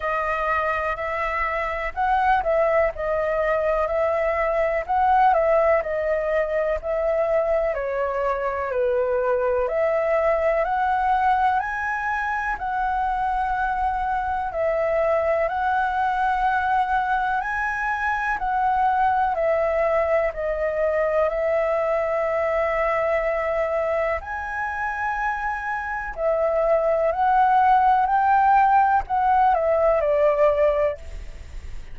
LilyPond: \new Staff \with { instrumentName = "flute" } { \time 4/4 \tempo 4 = 62 dis''4 e''4 fis''8 e''8 dis''4 | e''4 fis''8 e''8 dis''4 e''4 | cis''4 b'4 e''4 fis''4 | gis''4 fis''2 e''4 |
fis''2 gis''4 fis''4 | e''4 dis''4 e''2~ | e''4 gis''2 e''4 | fis''4 g''4 fis''8 e''8 d''4 | }